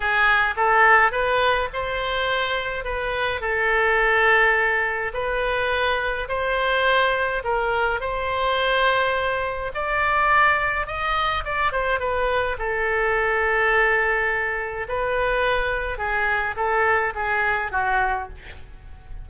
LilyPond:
\new Staff \with { instrumentName = "oboe" } { \time 4/4 \tempo 4 = 105 gis'4 a'4 b'4 c''4~ | c''4 b'4 a'2~ | a'4 b'2 c''4~ | c''4 ais'4 c''2~ |
c''4 d''2 dis''4 | d''8 c''8 b'4 a'2~ | a'2 b'2 | gis'4 a'4 gis'4 fis'4 | }